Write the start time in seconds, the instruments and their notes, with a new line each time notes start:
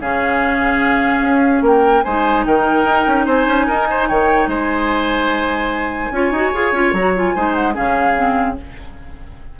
0.00 bassoon C#3, clarinet C#4, oboe G#4, flute F5
1.21 bassoon C#4
1.61 bassoon A#3, oboe A#4, flute G5
2.03 bassoon G#3, clarinet D#4, oboe C5, flute G#5
2.45 bassoon D#3, oboe A#4, flute G5
2.84 bassoon D#4
3.07 bassoon C#4
3.25 bassoon C4, oboe C5, flute G#5
3.47 bassoon C#4
3.67 bassoon D#4, oboe A#4
3.90 oboe C5
4.08 bassoon D#3, oboe C#5, flute G5
4.47 bassoon G#3, oboe C5, flute G#5
6.11 bassoon C#4, clarinet F4, oboe C#5
6.31 bassoon D#4, clarinet F#4
6.54 bassoon F4, clarinet G#4
6.72 bassoon C#4, clarinet F4
6.93 bassoon F#3, clarinet F#4, flute A#5
7.16 clarinet F4, flute G#5
7.35 bassoon G#3, clarinet D#4, oboe C5
7.54 flute F#5
7.73 bassoon C#3, clarinet C#4, oboe G#4, flute F5
8.16 clarinet C4